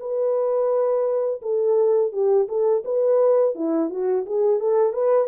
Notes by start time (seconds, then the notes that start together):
0.00 B4
1.42 A4
2.12 G4
2.48 A4
2.85 B4
3.55 E4
3.90 F#4
4.26 G#4
4.60 A4
4.93 B4